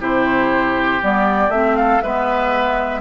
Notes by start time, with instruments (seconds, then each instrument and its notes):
0.00 bassoon C3, clarinet E4, oboe G4, flute C5
1.01 bassoon G3, clarinet B3, flute D5
1.49 bassoon A3, clarinet C4, flute E5
1.76 oboe A4, flute F5
2.01 bassoon G#3, clarinet B3, oboe B4, flute E5